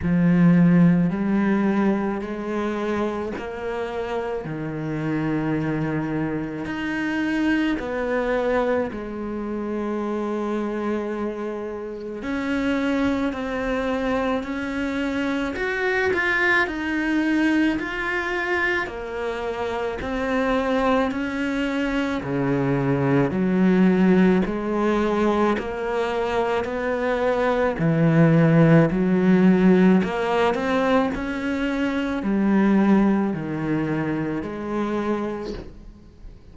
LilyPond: \new Staff \with { instrumentName = "cello" } { \time 4/4 \tempo 4 = 54 f4 g4 gis4 ais4 | dis2 dis'4 b4 | gis2. cis'4 | c'4 cis'4 fis'8 f'8 dis'4 |
f'4 ais4 c'4 cis'4 | cis4 fis4 gis4 ais4 | b4 e4 fis4 ais8 c'8 | cis'4 g4 dis4 gis4 | }